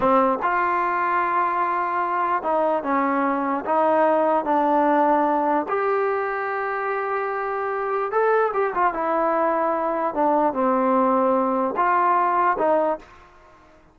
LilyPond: \new Staff \with { instrumentName = "trombone" } { \time 4/4 \tempo 4 = 148 c'4 f'2.~ | f'2 dis'4 cis'4~ | cis'4 dis'2 d'4~ | d'2 g'2~ |
g'1 | a'4 g'8 f'8 e'2~ | e'4 d'4 c'2~ | c'4 f'2 dis'4 | }